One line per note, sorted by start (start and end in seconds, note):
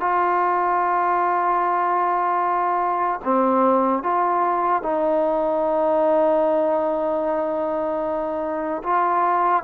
0.00 3.20 F4
3.24 4.03 C4
4.03 4.83 F4
4.83 8.83 D#4
8.83 9.63 F4